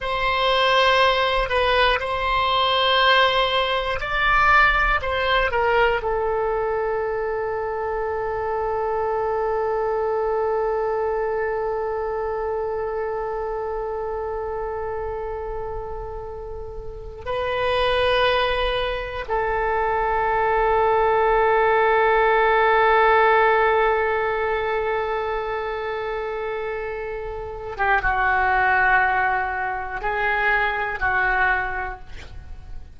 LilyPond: \new Staff \with { instrumentName = "oboe" } { \time 4/4 \tempo 4 = 60 c''4. b'8 c''2 | d''4 c''8 ais'8 a'2~ | a'1~ | a'1~ |
a'4~ a'16 b'2 a'8.~ | a'1~ | a'2.~ a'8. g'16 | fis'2 gis'4 fis'4 | }